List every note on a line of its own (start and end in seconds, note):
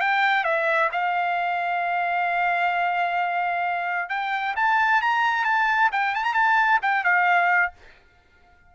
0.00 0.44 G5
0.44 0.89 E5
0.92 4.09 F5
4.09 4.54 G5
4.56 5.01 A5
5.01 5.44 A#5
5.44 5.89 A5
5.92 6.14 G5
6.14 6.24 A5
6.24 6.33 A#5
6.33 6.79 A5
6.81 7.04 G5
7.04 7.72 F5